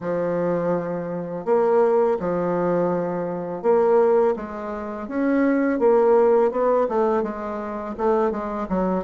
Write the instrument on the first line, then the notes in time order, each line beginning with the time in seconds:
bassoon
0.00 F3
1.45 A#3
2.19 F3
3.62 A#3
4.35 G#3
5.08 C#4
5.79 A#3
6.51 B3
6.88 A3
7.23 G#3
7.97 A3
8.31 G#3
8.68 F#3